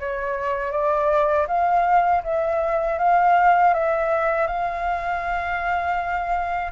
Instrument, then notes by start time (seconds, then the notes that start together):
flute
0.00 C#5
0.72 D5
1.48 F5
2.24 E5
2.99 F5
3.74 E5
4.47 F5